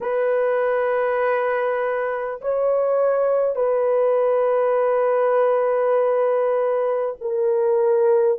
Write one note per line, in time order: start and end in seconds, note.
0.00 2.40 B4
2.41 3.55 C#5
3.55 7.15 B4
7.20 8.38 A#4